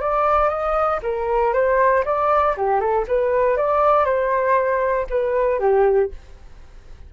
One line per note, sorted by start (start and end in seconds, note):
0.00 0.49 D5
0.49 0.99 D#5
1.02 1.53 A#4
1.53 2.04 C5
2.05 2.55 D5
2.57 2.80 G4
2.80 3.05 A4
3.07 3.57 B4
3.57 4.04 D5
4.04 5.06 C5
5.09 5.59 B4
5.59 6.10 G4